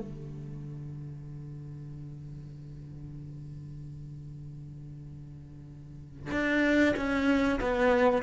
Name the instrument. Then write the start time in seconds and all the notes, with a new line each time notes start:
cello
0.00 D3
6.31 D4
6.96 C#4
7.60 B3